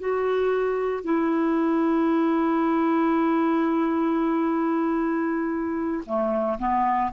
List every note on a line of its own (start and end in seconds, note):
0.00 1.05 F#4
1.05 6.05 E4
6.06 6.59 A3
6.59 7.12 B3